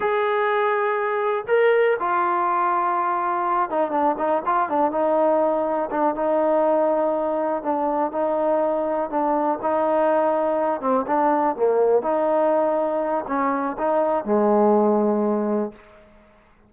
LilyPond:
\new Staff \with { instrumentName = "trombone" } { \time 4/4 \tempo 4 = 122 gis'2. ais'4 | f'2.~ f'8 dis'8 | d'8 dis'8 f'8 d'8 dis'2 | d'8 dis'2. d'8~ |
d'8 dis'2 d'4 dis'8~ | dis'2 c'8 d'4 ais8~ | ais8 dis'2~ dis'8 cis'4 | dis'4 gis2. | }